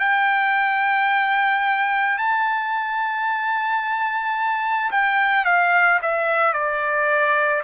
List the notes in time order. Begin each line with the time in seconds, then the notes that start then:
0.00 G5
2.19 A5
4.92 G5
5.45 F5
6.02 E5
6.54 D5